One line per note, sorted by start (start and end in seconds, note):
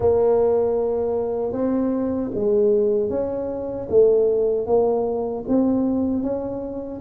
0.00 1.52 A#3
1.52 2.30 C4
2.34 3.09 G#3
3.09 3.87 C#4
3.89 4.66 A3
4.66 5.44 A#3
5.48 6.23 C4
6.23 7.01 C#4